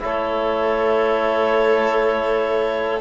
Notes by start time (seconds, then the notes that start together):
0.00 A3 E4 A4 C#5